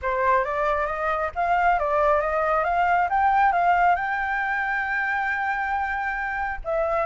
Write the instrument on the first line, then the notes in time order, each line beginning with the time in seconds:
flute
0.02 C5
0.44 D5
0.86 D#5
1.35 F5
1.79 D5
2.20 D#5
2.64 F5
3.09 G5
3.52 F5
3.95 G5
6.64 E5